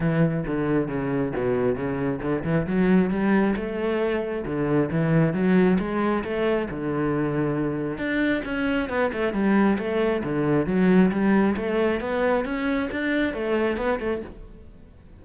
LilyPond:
\new Staff \with { instrumentName = "cello" } { \time 4/4 \tempo 4 = 135 e4 d4 cis4 b,4 | cis4 d8 e8 fis4 g4 | a2 d4 e4 | fis4 gis4 a4 d4~ |
d2 d'4 cis'4 | b8 a8 g4 a4 d4 | fis4 g4 a4 b4 | cis'4 d'4 a4 b8 a8 | }